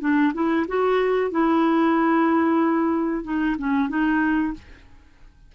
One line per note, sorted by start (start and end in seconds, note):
0.00 0.32 D4
0.34 0.66 E4
0.68 1.31 F#4
1.31 3.24 E4
3.24 3.56 D#4
3.58 3.89 C#4
3.89 4.53 D#4